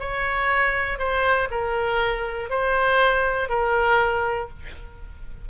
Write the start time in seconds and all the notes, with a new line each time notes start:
0.00 C#5
0.99 C5
1.51 A#4
2.50 C5
3.49 A#4